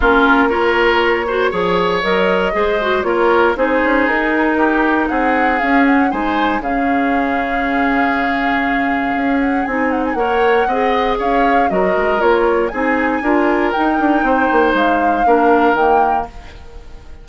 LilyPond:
<<
  \new Staff \with { instrumentName = "flute" } { \time 4/4 \tempo 4 = 118 ais'4 cis''2. | dis''2 cis''4 c''4 | ais'2 fis''4 f''8 fis''8 | gis''4 f''2.~ |
f''2~ f''8 fis''8 gis''8 fis''16 gis''16 | fis''2 f''4 dis''4 | cis''4 gis''2 g''4~ | g''4 f''2 g''4 | }
  \new Staff \with { instrumentName = "oboe" } { \time 4/4 f'4 ais'4. c''8 cis''4~ | cis''4 c''4 ais'4 gis'4~ | gis'4 g'4 gis'2 | c''4 gis'2.~ |
gis'1 | cis''4 dis''4 cis''4 ais'4~ | ais'4 gis'4 ais'2 | c''2 ais'2 | }
  \new Staff \with { instrumentName = "clarinet" } { \time 4/4 cis'4 f'4. fis'8 gis'4 | ais'4 gis'8 fis'8 f'4 dis'4~ | dis'2. cis'4 | dis'4 cis'2.~ |
cis'2. dis'4 | ais'4 gis'2 fis'4 | f'4 dis'4 f'4 dis'4~ | dis'2 d'4 ais4 | }
  \new Staff \with { instrumentName = "bassoon" } { \time 4/4 ais2. f4 | fis4 gis4 ais4 c'8 cis'8 | dis'2 c'4 cis'4 | gis4 cis2.~ |
cis2 cis'4 c'4 | ais4 c'4 cis'4 fis8 gis8 | ais4 c'4 d'4 dis'8 d'8 | c'8 ais8 gis4 ais4 dis4 | }
>>